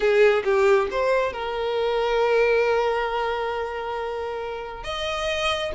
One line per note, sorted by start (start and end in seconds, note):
0.00 0.43 G#4
0.44 0.88 G4
0.90 1.32 C5
1.32 4.83 A#4
4.83 5.72 D#5